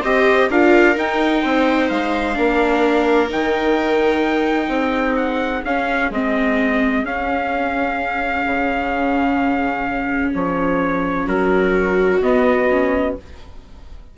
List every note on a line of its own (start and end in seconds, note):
0.00 0.50 C4
0.00 0.50 G4
0.00 0.47 C5
0.00 0.50 D#5
0.50 0.96 D4
0.50 0.94 F4
0.50 1.42 A#4
0.50 0.98 F5
0.94 2.34 D#4
0.94 1.44 D#4
0.94 1.89 G5
1.42 1.90 C4
1.42 2.36 C5
1.89 2.37 G#3
1.89 3.30 F5
2.34 3.31 A#3
2.34 3.28 D4
2.34 4.69 A#4
3.28 4.68 D#3
3.28 5.63 D#4
3.28 5.16 G5
4.68 5.61 C4
4.68 11.25 G#4
5.16 5.63 F#5
5.65 6.10 C#4
5.65 6.13 C#4
5.65 6.12 F5
6.10 7.04 G#3
6.10 7.06 C4
6.10 7.05 D#5
7.04 8.44 C#4
7.04 12.21 C#4
7.04 10.33 F5
8.46 10.33 C#3
10.34 11.27 F3
10.34 11.28 C#5
11.27 12.21 F#3
11.27 13.14 F#4
11.27 12.22 A#4
12.22 12.69 B3
12.22 13.16 B3
12.22 13.16 D#5
12.70 13.17 C#4